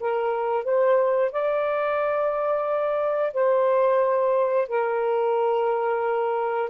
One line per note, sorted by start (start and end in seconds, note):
0.00 0.64 A#4
0.64 1.31 C5
1.31 3.33 D5
3.33 4.68 C5
4.68 6.70 A#4